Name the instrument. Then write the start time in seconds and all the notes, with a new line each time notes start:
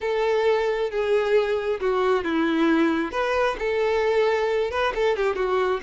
violin
0.01 A4
0.90 G#4
1.80 F#4
2.24 E4
3.11 B4
3.58 A4
4.70 B4
4.94 A4
5.16 G4
5.35 F#4